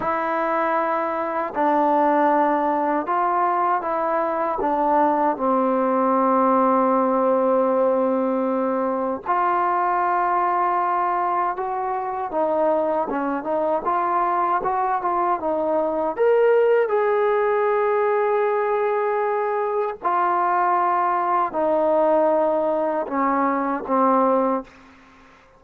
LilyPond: \new Staff \with { instrumentName = "trombone" } { \time 4/4 \tempo 4 = 78 e'2 d'2 | f'4 e'4 d'4 c'4~ | c'1 | f'2. fis'4 |
dis'4 cis'8 dis'8 f'4 fis'8 f'8 | dis'4 ais'4 gis'2~ | gis'2 f'2 | dis'2 cis'4 c'4 | }